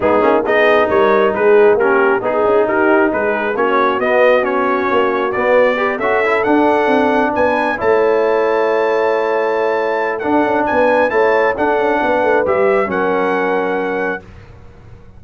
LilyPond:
<<
  \new Staff \with { instrumentName = "trumpet" } { \time 4/4 \tempo 4 = 135 gis'4 dis''4 cis''4 b'4 | ais'4 gis'4 ais'4 b'4 | cis''4 dis''4 cis''2 | d''4. e''4 fis''4.~ |
fis''8 gis''4 a''2~ a''8~ | a''2. fis''4 | gis''4 a''4 fis''2 | e''4 fis''2. | }
  \new Staff \with { instrumentName = "horn" } { \time 4/4 dis'4 gis'4 ais'4 gis'4 | g'4 gis'4 g'4 gis'4 | fis'1~ | fis'4 b'8 a'2~ a'8~ |
a'8 b'4 cis''2~ cis''8~ | cis''2. a'4 | b'4 cis''4 a'4 b'4~ | b'4 ais'2. | }
  \new Staff \with { instrumentName = "trombone" } { \time 4/4 b8 cis'8 dis'2. | cis'4 dis'2. | cis'4 b4 cis'2 | b4 g'8 fis'8 e'8 d'4.~ |
d'4. e'2~ e'8~ | e'2. d'4~ | d'4 e'4 d'2 | g'4 cis'2. | }
  \new Staff \with { instrumentName = "tuba" } { \time 4/4 gis8 ais8 b4 g4 gis4 | ais4 b8 cis'8 dis'4 gis4 | ais4 b2 ais4 | b4. cis'4 d'4 c'8~ |
c'8 b4 a2~ a8~ | a2. d'8 cis'8 | b4 a4 d'8 cis'8 b8 a8 | g4 fis2. | }
>>